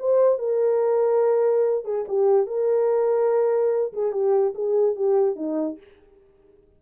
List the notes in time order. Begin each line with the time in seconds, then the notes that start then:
0.00 C5
0.39 A#4
1.85 G#4
2.09 G4
2.47 A#4
3.94 G#4
4.13 G4
4.55 G#4
4.96 G4
5.37 D#4